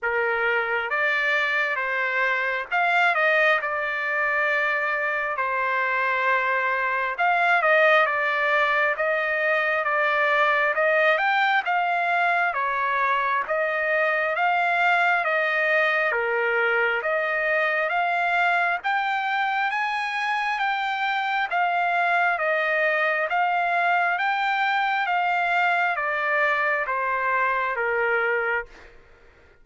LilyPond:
\new Staff \with { instrumentName = "trumpet" } { \time 4/4 \tempo 4 = 67 ais'4 d''4 c''4 f''8 dis''8 | d''2 c''2 | f''8 dis''8 d''4 dis''4 d''4 | dis''8 g''8 f''4 cis''4 dis''4 |
f''4 dis''4 ais'4 dis''4 | f''4 g''4 gis''4 g''4 | f''4 dis''4 f''4 g''4 | f''4 d''4 c''4 ais'4 | }